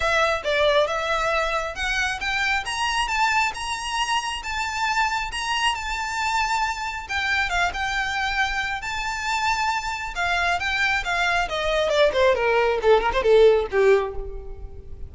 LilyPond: \new Staff \with { instrumentName = "violin" } { \time 4/4 \tempo 4 = 136 e''4 d''4 e''2 | fis''4 g''4 ais''4 a''4 | ais''2 a''2 | ais''4 a''2. |
g''4 f''8 g''2~ g''8 | a''2. f''4 | g''4 f''4 dis''4 d''8 c''8 | ais'4 a'8 ais'16 c''16 a'4 g'4 | }